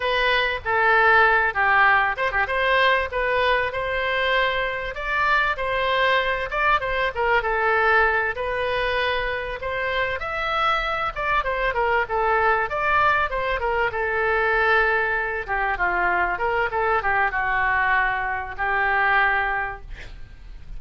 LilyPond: \new Staff \with { instrumentName = "oboe" } { \time 4/4 \tempo 4 = 97 b'4 a'4. g'4 c''16 g'16 | c''4 b'4 c''2 | d''4 c''4. d''8 c''8 ais'8 | a'4. b'2 c''8~ |
c''8 e''4. d''8 c''8 ais'8 a'8~ | a'8 d''4 c''8 ais'8 a'4.~ | a'4 g'8 f'4 ais'8 a'8 g'8 | fis'2 g'2 | }